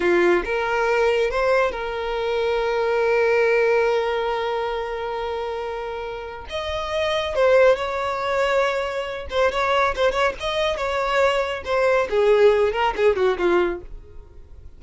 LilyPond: \new Staff \with { instrumentName = "violin" } { \time 4/4 \tempo 4 = 139 f'4 ais'2 c''4 | ais'1~ | ais'1~ | ais'2. dis''4~ |
dis''4 c''4 cis''2~ | cis''4. c''8 cis''4 c''8 cis''8 | dis''4 cis''2 c''4 | gis'4. ais'8 gis'8 fis'8 f'4 | }